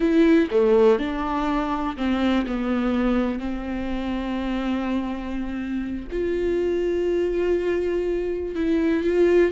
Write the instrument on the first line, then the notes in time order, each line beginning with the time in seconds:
viola
0.00 E4
0.50 A3
0.98 D4
1.96 C4
2.46 B3
3.39 C4
6.11 F4
8.55 E4
9.03 F4